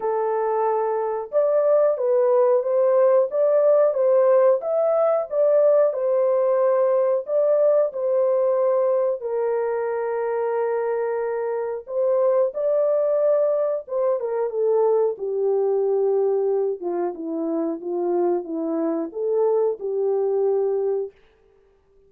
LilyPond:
\new Staff \with { instrumentName = "horn" } { \time 4/4 \tempo 4 = 91 a'2 d''4 b'4 | c''4 d''4 c''4 e''4 | d''4 c''2 d''4 | c''2 ais'2~ |
ais'2 c''4 d''4~ | d''4 c''8 ais'8 a'4 g'4~ | g'4. f'8 e'4 f'4 | e'4 a'4 g'2 | }